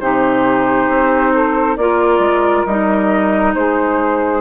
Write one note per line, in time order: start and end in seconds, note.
0.00 0.89 C3
0.00 1.78 D#4
0.00 1.33 G4
0.00 1.76 C5
0.89 1.77 C4
1.34 1.78 A4
1.77 2.19 A#3
1.77 2.68 F4
1.77 3.54 A#4
1.77 2.65 D5
2.19 2.63 G#3
2.66 3.55 G3
2.66 4.42 D#4
2.66 3.54 D#5
3.55 4.42 G#3
3.55 4.42 G#4
3.55 4.42 C5